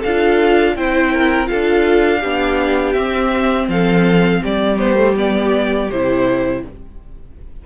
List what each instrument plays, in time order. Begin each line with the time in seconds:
0.00 cello D4, violin A4 F5
0.07 viola F4
0.76 cello C4, viola E4, violin C5 G5
1.13 violin A#4
1.46 viola F4, violin A4 F5
1.53 cello D4
2.20 cello B3, viola D4, violin G4
2.93 cello C4, viola C4, violin E5
3.68 cello F3, violin A4 F5
4.42 cello G3, violin G4 D5
4.79 viola B3, violin C5
4.95 viola A3
5.17 viola B3, violin D5
5.90 cello C3, viola E4, violin C5